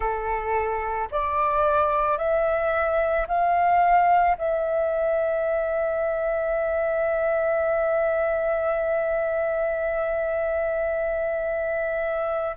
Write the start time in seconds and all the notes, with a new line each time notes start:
0.00 A4
1.11 D5
2.17 E5
3.27 F5
4.38 E5